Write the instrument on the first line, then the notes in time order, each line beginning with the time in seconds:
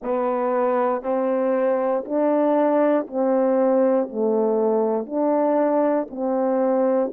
horn
0.02 B3
1.02 C4
2.05 D4
3.07 C4
4.09 A3
5.06 D4
6.10 C4